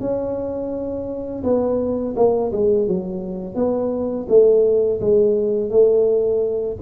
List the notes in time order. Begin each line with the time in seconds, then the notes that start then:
0.00 C#4
1.44 B3
2.16 A#3
2.52 G#3
2.88 F#3
3.55 B3
4.29 A3
5.00 G#3
5.70 A3